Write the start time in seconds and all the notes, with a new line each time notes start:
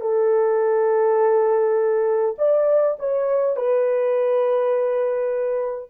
0.00 A4
2.38 D5
2.98 C#5
3.56 B4